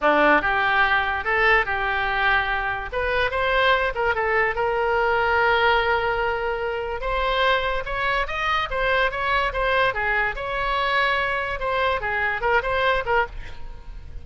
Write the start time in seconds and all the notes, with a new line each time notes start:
0.01 D4
0.41 G4
1.24 A4
1.65 G4
2.92 B4
3.30 C5
3.94 A#4
4.14 A4
4.55 A#4
7.00 C5
7.85 C#5
8.27 D#5
8.70 C5
9.11 C#5
9.52 C5
9.93 G#4
10.35 C#5
11.59 C5
12.01 G#4
12.41 A#4
12.62 C5
13.05 A#4